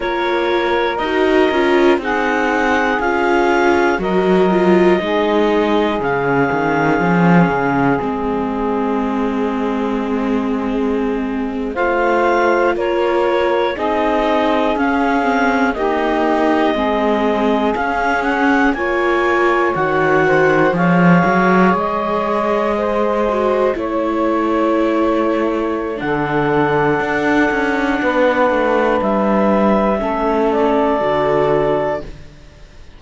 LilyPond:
<<
  \new Staff \with { instrumentName = "clarinet" } { \time 4/4 \tempo 4 = 60 cis''4 dis''4 fis''4 f''4 | dis''2 f''2 | dis''2.~ dis''8. f''16~ | f''8. cis''4 dis''4 f''4 dis''16~ |
dis''4.~ dis''16 f''8 fis''8 gis''4 fis''16~ | fis''8. f''4 dis''2 cis''16~ | cis''2 fis''2~ | fis''4 e''4. d''4. | }
  \new Staff \with { instrumentName = "saxophone" } { \time 4/4 ais'2 gis'2 | ais'4 gis'2.~ | gis'2.~ gis'8. c''16~ | c''8. ais'4 gis'2 g'16~ |
g'8. gis'2 cis''4~ cis''16~ | cis''16 c''8 cis''2 c''4 cis''16~ | cis''2 a'2 | b'2 a'2 | }
  \new Staff \with { instrumentName = "viola" } { \time 4/4 f'4 fis'8 f'8 dis'4 f'4 | fis'8 f'8 dis'4 cis'2 | c'2.~ c'8. f'16~ | f'4.~ f'16 dis'4 cis'8 c'8 ais16~ |
ais8. c'4 cis'4 f'4 fis'16~ | fis'8. gis'2~ gis'8 fis'8 e'16~ | e'2 d'2~ | d'2 cis'4 fis'4 | }
  \new Staff \with { instrumentName = "cello" } { \time 4/4 ais4 dis'8 cis'8 c'4 cis'4 | fis4 gis4 cis8 dis8 f8 cis8 | gis2.~ gis8. a16~ | a8. ais4 c'4 cis'4 dis'16~ |
dis'8. gis4 cis'4 ais4 dis16~ | dis8. f8 fis8 gis2 a16~ | a2 d4 d'8 cis'8 | b8 a8 g4 a4 d4 | }
>>